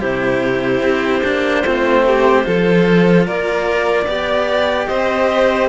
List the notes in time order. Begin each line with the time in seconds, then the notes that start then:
0.00 C3 E4 G4 C5
0.82 C4
1.24 A#3 D4
1.64 A3 C4 F4
2.07 G4
2.44 F3 F4 A4
3.27 A#3 A#4 D5
4.07 B3 G4 D5
4.87 C4 C5 D#5